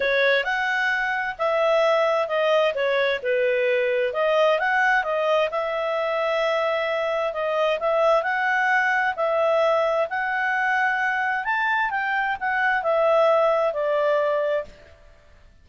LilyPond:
\new Staff \with { instrumentName = "clarinet" } { \time 4/4 \tempo 4 = 131 cis''4 fis''2 e''4~ | e''4 dis''4 cis''4 b'4~ | b'4 dis''4 fis''4 dis''4 | e''1 |
dis''4 e''4 fis''2 | e''2 fis''2~ | fis''4 a''4 g''4 fis''4 | e''2 d''2 | }